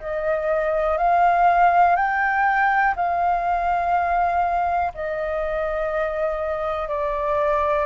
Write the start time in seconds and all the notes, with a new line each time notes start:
0.00 D#5
0.97 F5
1.96 G5
2.96 F5
4.94 D#5
6.89 D5